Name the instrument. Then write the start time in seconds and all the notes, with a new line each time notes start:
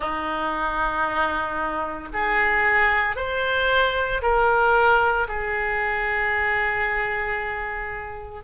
oboe
0.00 D#4
2.13 G#4
3.16 C5
4.22 A#4
5.28 G#4